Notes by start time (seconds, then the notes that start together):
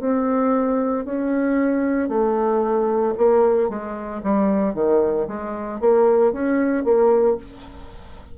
0.00 C4
1.06 C#4
2.09 A3
3.18 A#3
3.70 G#3
4.23 G3
4.75 D#3
5.28 G#3
5.80 A#3
6.33 C#4
6.85 A#3